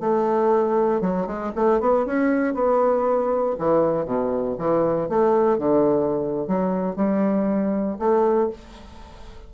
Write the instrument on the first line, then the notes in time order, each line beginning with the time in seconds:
bassoon
0.00 A3
1.01 F#3
1.26 G#3
1.55 A3
1.80 B3
2.05 C#4
2.54 B3
3.58 E3
4.05 B2
4.58 E3
5.09 A3
5.58 D3
6.47 F#3
6.95 G3
7.99 A3